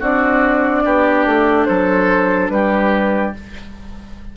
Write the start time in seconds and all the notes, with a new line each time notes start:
0.00 C4 D4 F#4 D5
0.85 B3 G4
1.26 A3
1.65 F#3 A4 C5
2.49 G3 G4 B4